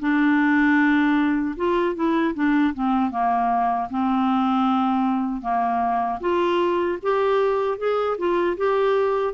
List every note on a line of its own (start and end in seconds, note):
0.00 1.56 D4
1.57 1.96 F4
1.96 2.34 E4
2.35 2.74 D4
2.74 3.11 C4
3.11 3.89 A#3
3.90 5.42 C4
5.42 6.20 A#3
6.21 6.99 F4
7.03 7.79 G4
7.79 8.18 G#4
8.18 8.57 F4
8.58 9.34 G4